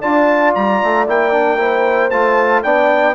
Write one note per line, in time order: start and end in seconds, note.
0.00 0.55 D4
0.00 1.07 F4
0.00 1.57 D5
0.00 0.53 A5
0.55 0.82 G3
0.55 1.07 A#5
0.83 1.07 A3
1.07 2.12 A#3
1.07 1.32 E4
1.07 2.10 G5
1.32 1.58 D4
1.58 2.10 E4
1.58 2.63 C5
2.10 2.64 A3
2.10 2.64 F4
2.10 2.62 A5
2.63 3.15 B3
2.63 3.15 D4
2.63 3.15 D5
2.63 3.15 G5